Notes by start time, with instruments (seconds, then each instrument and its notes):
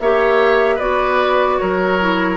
0.00 bassoon A#3, clarinet G4, oboe C#5, flute E5
0.75 bassoon B3, clarinet F#4, oboe B4, flute D5
1.59 bassoon F#3, oboe A#4, flute C#5
2.00 clarinet E4